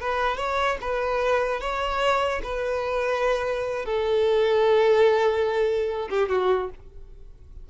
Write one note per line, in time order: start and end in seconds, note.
0.00 0.37 B4
0.37 0.78 C#5
0.81 1.61 B4
1.61 2.42 C#5
2.43 3.85 B4
3.86 6.09 A4
6.10 6.29 G4
6.29 6.70 F#4